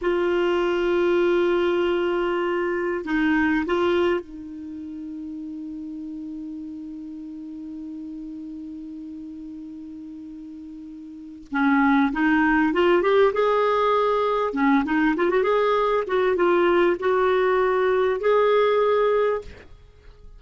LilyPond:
\new Staff \with { instrumentName = "clarinet" } { \time 4/4 \tempo 4 = 99 f'1~ | f'4 dis'4 f'4 dis'4~ | dis'1~ | dis'1~ |
dis'2. cis'4 | dis'4 f'8 g'8 gis'2 | cis'8 dis'8 f'16 fis'16 gis'4 fis'8 f'4 | fis'2 gis'2 | }